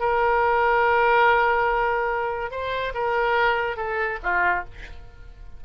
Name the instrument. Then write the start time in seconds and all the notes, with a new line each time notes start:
oboe
0.00 A#4
2.51 C5
2.94 A#4
3.76 A4
4.23 F4